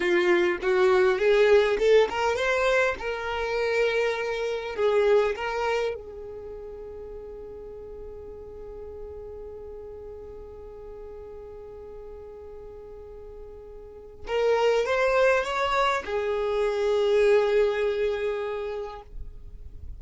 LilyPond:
\new Staff \with { instrumentName = "violin" } { \time 4/4 \tempo 4 = 101 f'4 fis'4 gis'4 a'8 ais'8 | c''4 ais'2. | gis'4 ais'4 gis'2~ | gis'1~ |
gis'1~ | gis'1 | ais'4 c''4 cis''4 gis'4~ | gis'1 | }